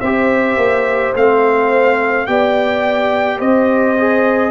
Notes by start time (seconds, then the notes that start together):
0.00 C4 G4 C5 E5
0.57 A#3
1.15 A3 C4 F5
2.26 B3 G4 D5 G5
3.38 C4 C5 D#5
3.98 G#4